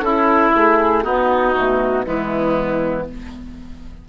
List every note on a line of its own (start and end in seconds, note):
0.00 0.51 C#4
0.00 1.04 E4
0.00 0.51 A4
0.06 1.03 E4
0.55 1.04 A3
0.55 1.03 G#4
1.03 1.54 B3
1.03 1.55 B3
1.03 2.06 D#4
1.03 2.05 F#4
1.56 2.07 B2
1.56 2.04 A3
2.04 3.09 E3
2.04 3.05 G#3
2.04 3.08 B3
2.04 3.07 E4